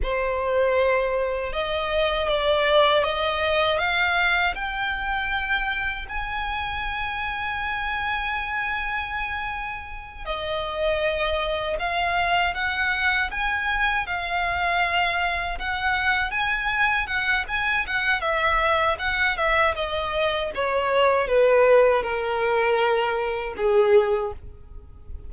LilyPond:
\new Staff \with { instrumentName = "violin" } { \time 4/4 \tempo 4 = 79 c''2 dis''4 d''4 | dis''4 f''4 g''2 | gis''1~ | gis''4. dis''2 f''8~ |
f''8 fis''4 gis''4 f''4.~ | f''8 fis''4 gis''4 fis''8 gis''8 fis''8 | e''4 fis''8 e''8 dis''4 cis''4 | b'4 ais'2 gis'4 | }